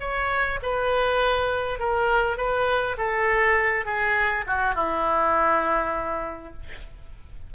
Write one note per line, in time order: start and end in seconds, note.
0.00 0.59 C#5
0.63 1.80 B4
1.80 2.37 A#4
2.37 2.97 B4
2.98 3.85 A4
3.85 4.45 G#4
4.47 4.75 F#4
4.75 6.53 E4